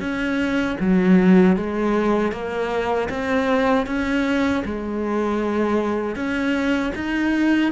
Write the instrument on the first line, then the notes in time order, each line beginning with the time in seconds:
cello
0.00 C#4
0.80 F#3
1.57 G#3
2.32 A#3
3.09 C4
3.86 C#4
4.65 G#3
6.15 C#4
6.95 D#4